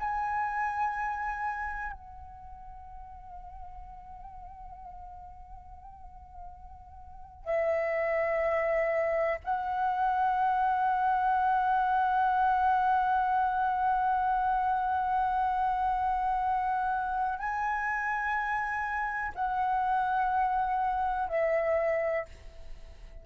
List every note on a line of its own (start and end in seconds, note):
0.00 1.93 G#5
1.93 7.45 F#5
7.45 9.39 E5
9.44 17.39 F#5
17.39 19.32 G#5
19.35 21.29 F#5
21.29 22.26 E5